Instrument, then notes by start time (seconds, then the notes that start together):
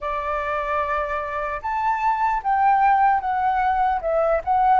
flute
0.00 D5
1.62 A5
2.43 G5
3.20 F#5
4.01 E5
4.44 F#5